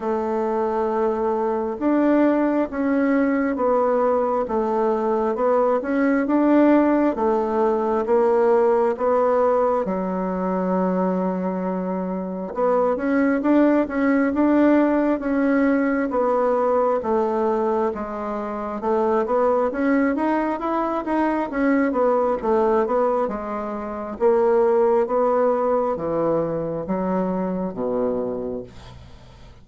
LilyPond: \new Staff \with { instrumentName = "bassoon" } { \time 4/4 \tempo 4 = 67 a2 d'4 cis'4 | b4 a4 b8 cis'8 d'4 | a4 ais4 b4 fis4~ | fis2 b8 cis'8 d'8 cis'8 |
d'4 cis'4 b4 a4 | gis4 a8 b8 cis'8 dis'8 e'8 dis'8 | cis'8 b8 a8 b8 gis4 ais4 | b4 e4 fis4 b,4 | }